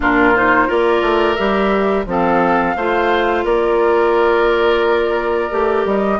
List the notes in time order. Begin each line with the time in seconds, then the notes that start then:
0.00 A#2 D4 F4 A#4
0.34 D#4 C5
0.67 A#3 F4 A#4 D5
1.02 A3
1.35 G3 G4 E5
2.06 F3 C4 A4 F5
2.76 A3 F4 C5
3.44 A#3 A#4 D5
5.50 A3 G4
5.85 G3 D#5